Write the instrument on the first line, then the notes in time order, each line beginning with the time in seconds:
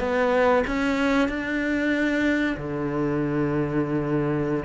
cello
0.00 B3
0.67 C#4
1.29 D4
2.57 D3